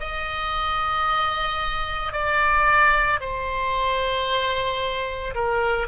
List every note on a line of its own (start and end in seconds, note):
0.00 2.13 D#5
2.13 3.20 D5
3.20 5.34 C5
5.35 5.87 A#4